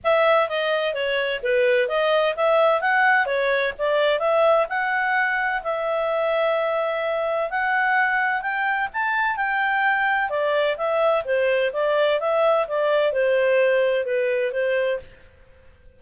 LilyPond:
\new Staff \with { instrumentName = "clarinet" } { \time 4/4 \tempo 4 = 128 e''4 dis''4 cis''4 b'4 | dis''4 e''4 fis''4 cis''4 | d''4 e''4 fis''2 | e''1 |
fis''2 g''4 a''4 | g''2 d''4 e''4 | c''4 d''4 e''4 d''4 | c''2 b'4 c''4 | }